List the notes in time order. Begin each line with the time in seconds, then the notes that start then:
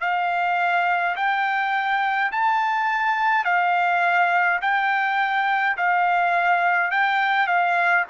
0.00 F5
1.16 G5
2.31 A5
3.44 F5
4.61 G5
5.76 F5
6.91 G5
7.47 F5